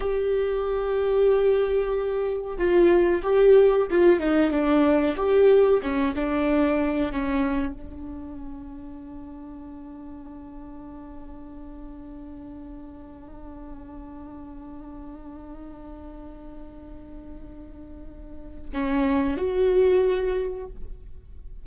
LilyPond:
\new Staff \with { instrumentName = "viola" } { \time 4/4 \tempo 4 = 93 g'1 | f'4 g'4 f'8 dis'8 d'4 | g'4 cis'8 d'4. cis'4 | d'1~ |
d'1~ | d'1~ | d'1~ | d'4 cis'4 fis'2 | }